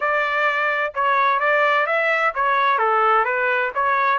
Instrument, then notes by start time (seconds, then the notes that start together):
trumpet
0.00 D5
0.94 C#5
1.39 D5
1.86 E5
2.34 C#5
2.78 A4
3.24 B4
3.74 C#5